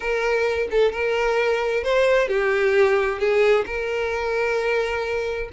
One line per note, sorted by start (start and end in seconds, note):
0.00 0.68 A#4
0.70 0.92 A4
0.92 1.83 A#4
1.83 2.28 C5
2.28 3.19 G4
3.19 3.65 G#4
3.65 5.49 A#4